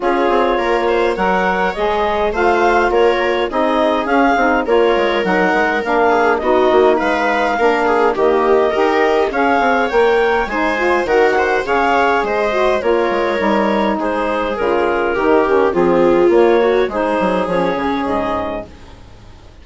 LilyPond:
<<
  \new Staff \with { instrumentName = "clarinet" } { \time 4/4 \tempo 4 = 103 cis''2 fis''4 dis''4 | f''4 cis''4 dis''4 f''4 | cis''4 fis''4 f''4 dis''4 | f''2 dis''2 |
f''4 g''4 gis''4 fis''4 | f''4 dis''4 cis''2 | c''4 ais'2 gis'4 | cis''4 c''4 cis''4 dis''4 | }
  \new Staff \with { instrumentName = "viola" } { \time 4/4 gis'4 ais'8 c''8 cis''2 | c''4 ais'4 gis'2 | ais'2~ ais'8 gis'8 fis'4 | b'4 ais'8 gis'8 g'4 ais'4 |
cis''2 c''4 ais'8 c''8 | cis''4 c''4 ais'2 | gis'2 g'4 f'4~ | f'8 fis'8 gis'2. | }
  \new Staff \with { instrumentName = "saxophone" } { \time 4/4 f'2 ais'4 gis'4 | f'2 dis'4 cis'8 dis'8 | f'4 dis'4 d'4 dis'4~ | dis'4 d'4 ais4 g'4 |
gis'4 ais'4 dis'8 f'8 fis'4 | gis'4. fis'8 f'4 dis'4~ | dis'4 f'4 dis'8 cis'8 c'4 | ais4 dis'4 cis'2 | }
  \new Staff \with { instrumentName = "bassoon" } { \time 4/4 cis'8 c'8 ais4 fis4 gis4 | a4 ais4 c'4 cis'8 c'8 | ais8 gis8 fis8 gis8 ais4 b8 ais8 | gis4 ais4 dis4 dis'4 |
cis'8 c'8 ais4 gis4 dis4 | cis4 gis4 ais8 gis8 g4 | gis4 cis4 dis4 f4 | ais4 gis8 fis8 f8 cis8 gis,4 | }
>>